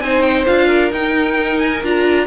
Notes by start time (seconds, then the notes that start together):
0.00 C4 D#4 C5 G#5
0.21 G5
0.45 D4 F4 F5
0.67 A#4
0.91 D#4 G5
1.59 G#5
1.83 D4 F4 A#5